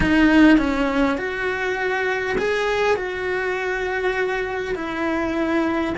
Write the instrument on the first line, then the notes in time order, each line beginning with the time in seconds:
cello
0.00 D#4
0.58 C#4
1.17 F#4
2.38 G#4
2.96 F#4
4.75 E4